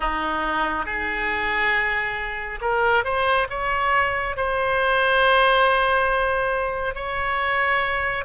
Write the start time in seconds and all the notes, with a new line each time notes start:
0.00 D#4
0.85 G#4
2.61 A#4
3.04 C5
3.49 C#5
4.36 C5
6.94 C#5